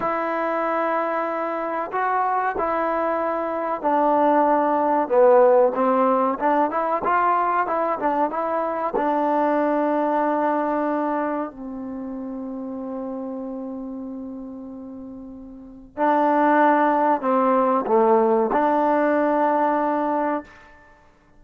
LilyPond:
\new Staff \with { instrumentName = "trombone" } { \time 4/4 \tempo 4 = 94 e'2. fis'4 | e'2 d'2 | b4 c'4 d'8 e'8 f'4 | e'8 d'8 e'4 d'2~ |
d'2 c'2~ | c'1~ | c'4 d'2 c'4 | a4 d'2. | }